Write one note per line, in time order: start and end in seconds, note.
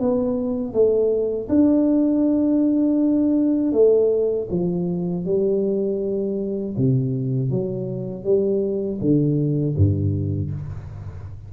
0.00 0.73 B3
0.73 1.48 A3
1.49 3.73 D4
3.73 4.48 A3
4.51 5.25 F3
5.25 6.75 G3
6.77 7.51 C3
7.51 8.24 F#3
8.24 8.99 G3
9.01 9.76 D3
9.77 10.52 G2